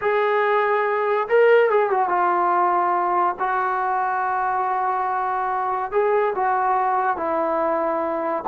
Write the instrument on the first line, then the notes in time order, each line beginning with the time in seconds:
trombone
0.01 G#4
1.28 A#4
1.70 G#4
1.90 F#4
2.08 F4
3.39 F#4
5.91 G#4
6.35 F#4
7.16 E4